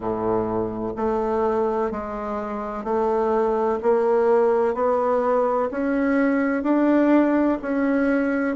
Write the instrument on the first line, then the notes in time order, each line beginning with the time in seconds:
bassoon
0.00 A2
0.96 A3
1.90 G#3
2.84 A3
3.82 A#3
4.74 B3
5.71 C#4
6.63 D4
7.61 C#4